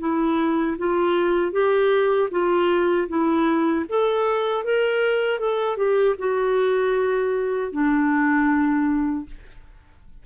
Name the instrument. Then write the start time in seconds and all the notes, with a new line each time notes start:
clarinet
0.00 E4
0.78 F4
1.52 G4
2.31 F4
3.09 E4
3.89 A4
4.64 A#4
5.40 A4
5.77 G4
6.19 F#4
7.72 D4